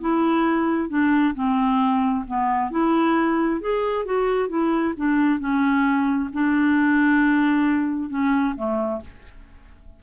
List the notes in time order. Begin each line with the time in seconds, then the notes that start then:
0.00 E4
0.89 D4
1.35 C4
2.27 B3
2.70 E4
3.60 G#4
4.05 F#4
4.49 E4
4.96 D4
5.39 C#4
6.33 D4
8.09 C#4
8.56 A3